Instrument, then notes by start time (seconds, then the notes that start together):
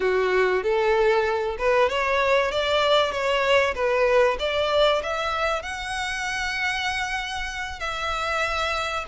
violin
0.00 F#4
0.62 A4
1.58 B4
1.89 C#5
2.51 D5
3.11 C#5
3.74 B4
4.39 D5
5.03 E5
5.62 F#5
7.79 E5